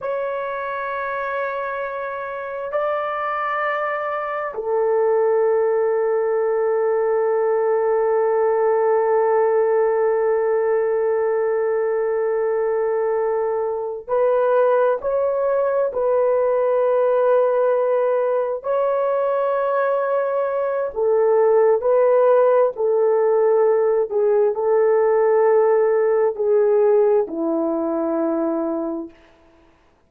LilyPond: \new Staff \with { instrumentName = "horn" } { \time 4/4 \tempo 4 = 66 cis''2. d''4~ | d''4 a'2.~ | a'1~ | a'2.~ a'8 b'8~ |
b'8 cis''4 b'2~ b'8~ | b'8 cis''2~ cis''8 a'4 | b'4 a'4. gis'8 a'4~ | a'4 gis'4 e'2 | }